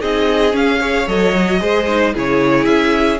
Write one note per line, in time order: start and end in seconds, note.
0.00 0.54 C4
0.00 0.52 D#4
0.00 0.79 G#4
0.00 0.55 D#5
0.52 0.79 C#4
0.52 1.07 C#4
0.52 1.08 F5
0.79 1.07 G#4
0.79 1.60 C#5
1.07 1.61 F#3
1.07 1.35 A4
1.07 2.15 D#5
1.37 1.60 F#4
1.60 2.15 G#3
1.60 1.86 G#4
1.60 2.13 C5
1.87 2.14 D#4
2.13 2.66 C#3
2.13 3.19 E4
2.13 3.19 G#4
2.13 2.65 C#5
2.65 3.19 C#4
2.65 3.18 E5